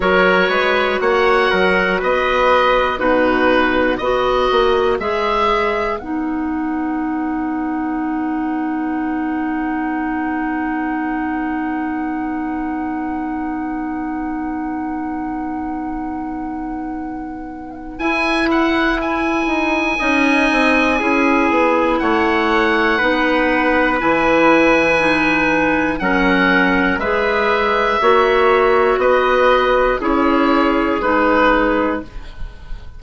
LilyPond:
<<
  \new Staff \with { instrumentName = "oboe" } { \time 4/4 \tempo 4 = 60 cis''4 fis''4 dis''4 b'4 | dis''4 e''4 fis''2~ | fis''1~ | fis''1~ |
fis''2 gis''8 fis''8 gis''4~ | gis''2 fis''2 | gis''2 fis''4 e''4~ | e''4 dis''4 cis''4 b'4 | }
  \new Staff \with { instrumentName = "trumpet" } { \time 4/4 ais'8 b'8 cis''8 ais'8 b'4 fis'4 | b'1~ | b'1~ | b'1~ |
b'1 | dis''4 gis'4 cis''4 b'4~ | b'2 ais'4 b'4 | cis''4 b'4 gis'2 | }
  \new Staff \with { instrumentName = "clarinet" } { \time 4/4 fis'2. dis'4 | fis'4 gis'4 dis'2~ | dis'1~ | dis'1~ |
dis'2 e'2 | dis'4 e'2 dis'4 | e'4 dis'4 cis'4 gis'4 | fis'2 e'4 dis'4 | }
  \new Staff \with { instrumentName = "bassoon" } { \time 4/4 fis8 gis8 ais8 fis8 b4 b,4 | b8 ais8 gis4 b2~ | b1~ | b1~ |
b2 e'4. dis'8 | cis'8 c'8 cis'8 b8 a4 b4 | e2 fis4 gis4 | ais4 b4 cis'4 gis4 | }
>>